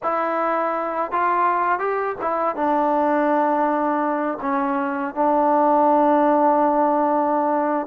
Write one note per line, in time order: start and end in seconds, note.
0.03 1.11 E4
1.11 1.79 F4
1.79 2.16 G4
2.21 2.55 E4
2.55 4.38 D4
4.41 5.14 C#4
5.14 7.87 D4